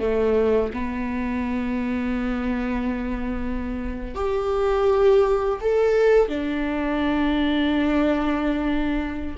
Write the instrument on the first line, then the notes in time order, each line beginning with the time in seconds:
viola
0.00 A3
0.73 B3
4.15 G4
5.61 A4
6.29 D4